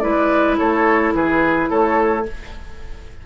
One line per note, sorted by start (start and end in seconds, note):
0.00 0.59 G#3
0.00 2.23 E4
0.00 0.58 B4
0.00 0.56 D5
0.58 1.14 A3
0.58 1.14 A4
0.58 1.14 C#5
1.14 1.70 E3
1.14 1.70 G#4
1.14 1.70 B4
1.70 2.27 A3
1.70 2.25 A4
1.70 2.26 C#5